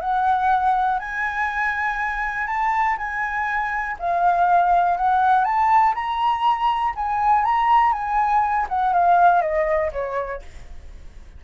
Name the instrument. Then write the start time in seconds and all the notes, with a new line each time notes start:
flute
0.00 F#5
0.99 G#5
2.47 A5
2.97 G#5
3.99 F5
4.97 F#5
5.44 A5
5.95 A#5
6.95 G#5
7.44 A#5
7.92 G#5
8.68 F#5
8.93 F5
9.41 D#5
9.92 C#5